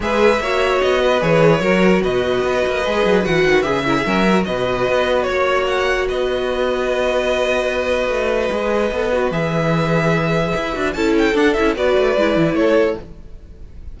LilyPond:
<<
  \new Staff \with { instrumentName = "violin" } { \time 4/4 \tempo 4 = 148 e''2 dis''4 cis''4~ | cis''4 dis''2. | fis''4 e''2 dis''4~ | dis''4 cis''4 fis''4 dis''4~ |
dis''1~ | dis''2. e''4~ | e''2. a''8 g''8 | fis''8 e''8 d''2 cis''4 | }
  \new Staff \with { instrumentName = "violin" } { \time 4/4 b'4 cis''4. b'4. | ais'4 b'2.~ | b'4. ais'16 gis'16 ais'4 b'4~ | b'4 cis''2 b'4~ |
b'1~ | b'1~ | b'2. a'4~ | a'4 b'2 a'4 | }
  \new Staff \with { instrumentName = "viola" } { \time 4/4 gis'4 fis'2 gis'4 | fis'2. gis'4 | fis'4 gis'8 e'8 cis'8 fis'4.~ | fis'1~ |
fis'1~ | fis'4 gis'4 a'8 fis'8 gis'4~ | gis'2~ gis'8 fis'8 e'4 | d'8 e'8 fis'4 e'2 | }
  \new Staff \with { instrumentName = "cello" } { \time 4/4 gis4 ais4 b4 e4 | fis4 b,4 b8 ais8 gis8 fis8 | e8 dis8 cis4 fis4 b,4 | b4 ais2 b4~ |
b1 | a4 gis4 b4 e4~ | e2 e'8 d'8 cis'4 | d'8 cis'8 b8 a8 gis8 e8 a4 | }
>>